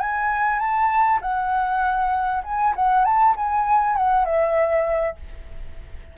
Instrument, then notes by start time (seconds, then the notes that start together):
flute
0.00 G#5
0.59 A5
1.22 F#5
2.44 G#5
2.76 F#5
3.05 A5
3.37 G#5
3.97 F#5
4.25 E5